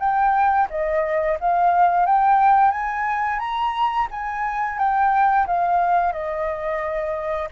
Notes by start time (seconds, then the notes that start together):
0.00 G5
0.70 D#5
1.40 F5
2.06 G5
2.72 G#5
3.40 A#5
4.11 G#5
4.79 G5
5.47 F5
6.13 D#5